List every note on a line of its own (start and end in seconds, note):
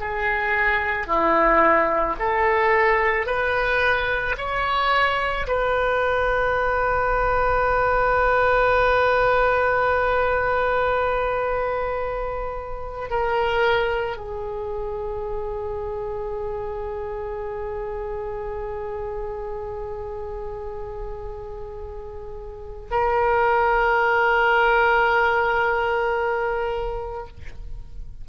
0.00 1.07 G#4
1.07 2.16 E4
2.19 3.26 A4
3.26 4.35 B4
4.37 5.46 C#5
5.47 13.10 B4
13.10 14.17 A#4
14.17 22.89 G#4
22.91 27.27 A#4